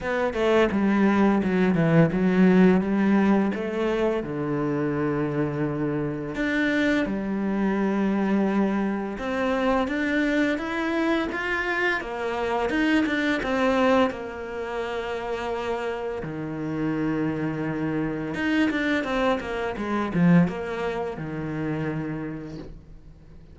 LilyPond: \new Staff \with { instrumentName = "cello" } { \time 4/4 \tempo 4 = 85 b8 a8 g4 fis8 e8 fis4 | g4 a4 d2~ | d4 d'4 g2~ | g4 c'4 d'4 e'4 |
f'4 ais4 dis'8 d'8 c'4 | ais2. dis4~ | dis2 dis'8 d'8 c'8 ais8 | gis8 f8 ais4 dis2 | }